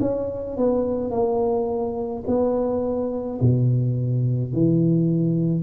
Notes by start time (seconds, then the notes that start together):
0.00 C#4
0.57 B3
1.11 A#3
2.27 B3
3.41 B2
4.53 E3